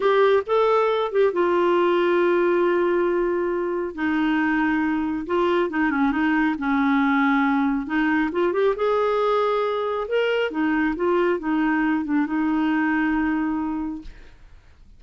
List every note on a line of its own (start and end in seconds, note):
0.00 0.43 G4
0.46 1.11 A4
1.11 1.32 G4
1.32 3.94 F4
3.94 5.26 D#4
5.26 5.70 F4
5.70 5.90 D#4
5.90 6.11 C#4
6.11 6.55 D#4
6.58 7.86 C#4
7.86 8.30 D#4
8.32 8.52 F4
8.52 8.74 G4
8.76 10.07 G#4
10.07 10.50 A#4
10.50 10.94 D#4
10.96 11.39 F4
11.39 12.04 D#4
12.04 12.26 D4
12.26 14.01 D#4